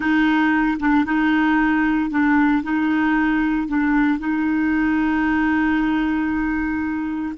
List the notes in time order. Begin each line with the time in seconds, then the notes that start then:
0.00 D#4
0.79 D4
1.05 D#4
2.10 D4
2.63 D#4
3.67 D4
4.19 D#4